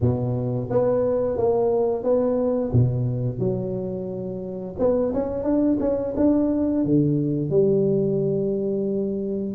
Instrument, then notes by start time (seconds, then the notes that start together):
tuba
0.00 B2
0.70 B3
1.37 A#3
2.03 B3
2.72 B2
3.38 F#3
4.79 B3
5.13 C#4
5.43 D4
5.80 C#4
6.16 D4
6.84 D3
7.50 G3